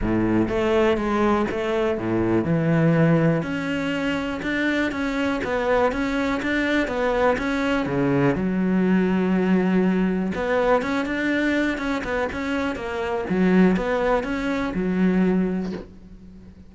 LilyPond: \new Staff \with { instrumentName = "cello" } { \time 4/4 \tempo 4 = 122 a,4 a4 gis4 a4 | a,4 e2 cis'4~ | cis'4 d'4 cis'4 b4 | cis'4 d'4 b4 cis'4 |
cis4 fis2.~ | fis4 b4 cis'8 d'4. | cis'8 b8 cis'4 ais4 fis4 | b4 cis'4 fis2 | }